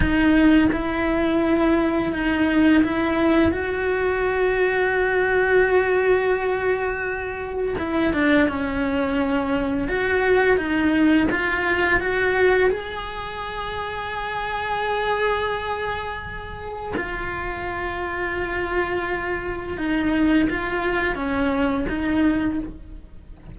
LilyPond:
\new Staff \with { instrumentName = "cello" } { \time 4/4 \tempo 4 = 85 dis'4 e'2 dis'4 | e'4 fis'2.~ | fis'2. e'8 d'8 | cis'2 fis'4 dis'4 |
f'4 fis'4 gis'2~ | gis'1 | f'1 | dis'4 f'4 cis'4 dis'4 | }